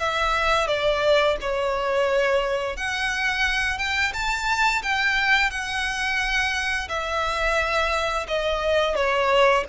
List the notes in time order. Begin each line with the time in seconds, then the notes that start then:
0.00 E5
0.68 D5
1.41 C#5
2.77 F#5
3.78 G5
4.13 A5
4.83 G5
5.51 F#5
6.89 E5
8.28 D#5
8.96 C#5